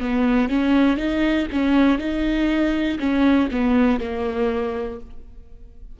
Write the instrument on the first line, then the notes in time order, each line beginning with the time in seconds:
viola
0.00 B3
0.48 C#4
0.96 D#4
1.51 C#4
1.98 D#4
2.99 C#4
3.51 B3
4.00 A#3